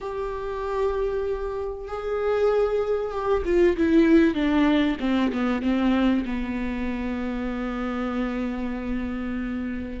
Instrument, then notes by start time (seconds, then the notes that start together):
viola
0.01 G4
1.88 G#4
3.11 G4
3.45 F4
3.77 E4
4.34 D4
5.00 C4
5.32 B3
5.61 C4
6.25 B3